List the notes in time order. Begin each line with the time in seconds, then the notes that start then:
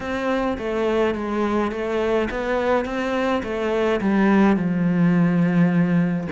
0.00 C4
0.58 A3
1.14 G#3
1.71 A3
2.30 B3
2.85 C4
3.43 A3
4.00 G3
4.56 F3